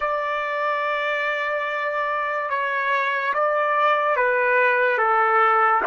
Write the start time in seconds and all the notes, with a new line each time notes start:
0.00 D5
2.49 C#5
3.33 D5
4.16 B4
4.98 A4